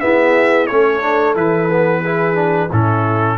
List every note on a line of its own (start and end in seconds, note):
0.00 0.68 B3
0.00 0.70 E4
0.00 0.70 G#4
0.00 0.66 E5
0.66 1.35 A3
0.66 1.01 C#4
0.66 2.01 A4
0.66 1.34 C#5
1.01 1.35 D4
1.35 2.70 E3
1.35 1.69 E4
1.35 2.71 B4
1.70 2.04 B3
2.01 2.35 E4
2.01 2.68 G#4
2.35 2.68 D4
2.69 3.38 A2
2.69 3.38 C#4
2.69 3.37 E4
2.69 3.38 A4